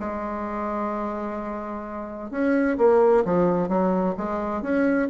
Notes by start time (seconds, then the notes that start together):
0.00 G#3
2.31 C#4
2.78 A#3
3.25 F3
3.69 F#3
4.18 G#3
4.63 C#4